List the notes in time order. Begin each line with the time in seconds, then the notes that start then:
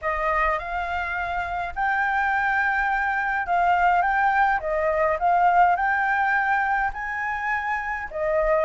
0.01 D#5
0.58 F5
1.75 G5
3.46 F5
4.02 G5
4.60 D#5
5.19 F5
5.76 G5
6.93 G#5
8.10 D#5